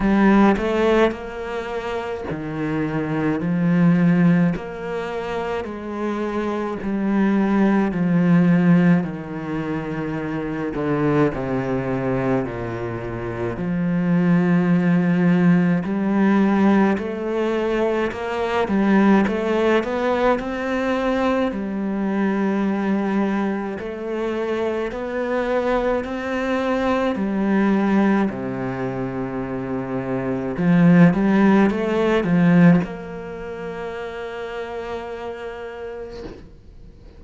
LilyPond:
\new Staff \with { instrumentName = "cello" } { \time 4/4 \tempo 4 = 53 g8 a8 ais4 dis4 f4 | ais4 gis4 g4 f4 | dis4. d8 c4 ais,4 | f2 g4 a4 |
ais8 g8 a8 b8 c'4 g4~ | g4 a4 b4 c'4 | g4 c2 f8 g8 | a8 f8 ais2. | }